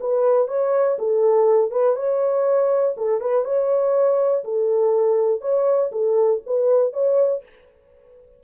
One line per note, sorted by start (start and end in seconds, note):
0.00 0.48 B4
0.48 0.97 C#5
0.98 1.71 A4
1.71 1.95 B4
1.95 2.95 C#5
2.97 3.21 A4
3.21 3.45 B4
3.45 4.44 C#5
4.44 5.41 A4
5.41 5.90 C#5
5.92 6.41 A4
6.46 6.93 B4
6.93 7.42 C#5